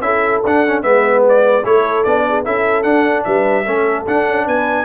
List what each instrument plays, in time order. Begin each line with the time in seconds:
0.00 tuba C#4, trombone E4, horn A4, trumpet E5
0.44 tuba D4, trombone D4, trumpet F#5
0.66 trombone C#4
0.82 tuba G#3, trombone B3, horn B4, trumpet E5
1.28 trumpet D5
1.64 tuba A3, trombone E4, horn A4, trumpet C#5
2.03 tuba B3, trombone D4, trumpet D5
2.28 horn G#4
2.44 tuba C#4, trombone E4, horn A4, trumpet E5
2.83 tuba D4, trombone D4, trumpet F#5
3.24 tuba G3, horn B4, trumpet E5
3.65 tuba A3, trombone C#4, horn A4
4.06 trombone D4, tuba D4, trumpet F#5
4.27 tuba C#4
4.46 tuba B3, horn B4, trumpet G#5